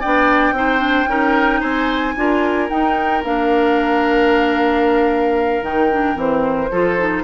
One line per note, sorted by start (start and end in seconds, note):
0.00 0.52 B3
0.00 0.55 D4
0.00 0.54 D5
0.00 1.61 G5
0.52 1.05 C4
0.52 0.79 D#4
0.52 1.10 C5
0.79 1.06 D4
1.07 1.61 C#4
1.07 2.16 D#4
1.07 1.61 A#4
1.61 2.16 C4
1.61 2.14 C5
1.61 2.68 G#5
2.16 2.70 D4
2.16 2.70 F4
2.16 6.71 A#4
2.69 3.23 D#4
2.69 3.23 G5
3.23 5.62 A#3
3.23 5.63 D4
3.23 5.65 F5
5.62 6.16 D#3
5.62 5.90 D#4
5.62 6.18 G5
5.91 6.15 D4
6.15 6.70 E3
6.15 6.69 C4
6.15 7.24 C5
6.71 7.24 F3
6.71 6.99 F4
6.71 7.24 A4
6.99 7.24 D#4